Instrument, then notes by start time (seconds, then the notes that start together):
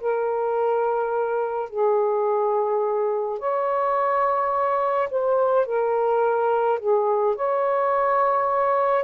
saxophone
0.00 A#4
1.69 G#4
3.39 C#5
5.10 C5
5.66 A#4
6.79 G#4
7.36 C#5